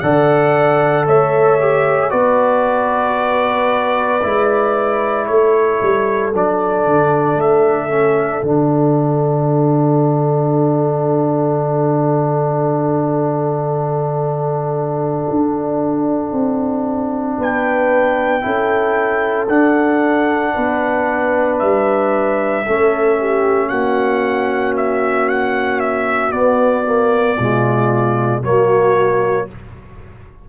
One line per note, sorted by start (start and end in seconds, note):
0.00 1.07 D3
0.00 1.60 A4
0.00 1.07 D5
0.00 1.05 F#5
1.07 2.12 A3
1.07 2.11 C#5
1.07 2.10 E5
1.60 2.10 G4
2.10 4.23 B3
2.10 4.20 F#4
2.10 5.27 B4
2.10 5.26 D5
4.22 5.28 G#3
4.22 6.33 E4
5.27 5.81 A3
5.27 17.37 A4
5.27 6.32 C#5
5.82 6.34 G3
6.34 6.86 F#3
6.34 7.89 D4
6.34 7.41 D5
6.86 7.36 D3
7.36 8.41 A3
7.36 8.44 E5
7.89 8.42 C#4
8.42 15.27 D3
8.42 18.42 D4
8.42 17.39 F#5
15.30 16.32 D4
16.32 17.37 C4
17.37 18.44 B3
17.37 18.43 B4
17.37 19.48 G5
18.42 19.48 C#4
18.42 19.47 E4
18.42 20.54 A4
19.48 20.54 D4
19.48 22.65 D4
19.48 21.59 F#5
20.54 21.62 B3
20.54 22.65 B4
21.59 22.67 G3
21.59 23.69 E5
22.66 23.71 A3
22.66 26.32 C#4
22.66 23.19 A4
23.20 23.69 G4
23.69 26.33 A#3
23.69 27.36 F#4
23.69 24.74 F#5
24.76 25.29 E5
25.29 25.80 F#5
25.80 26.32 E5
26.32 26.85 B3
26.32 27.38 B3
26.32 28.42 D5
26.85 27.37 A#3
27.36 28.43 B2
27.36 28.43 G#3
27.36 28.41 F4
28.42 29.48 F#3
28.42 29.48 A#3
28.42 29.47 F#4
28.42 29.49 C#5